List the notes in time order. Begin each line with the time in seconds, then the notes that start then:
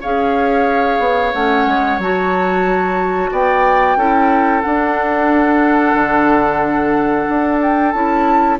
0.00 C#4 G#4 C#5 F5
0.99 B3
1.33 A3 C#4 F#5
1.66 G#3
1.98 F#3 F#4 A5
3.31 B3 D5 G5
3.96 C#4 E4 A4
4.61 D4 F#5
5.94 D3
7.28 D4
7.62 G5
7.91 C#4 E4 A5